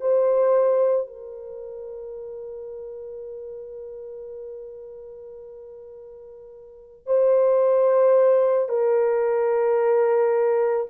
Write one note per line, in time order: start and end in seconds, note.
0.00 1.07 C5
1.07 7.06 A#4
7.06 8.68 C5
8.68 10.86 A#4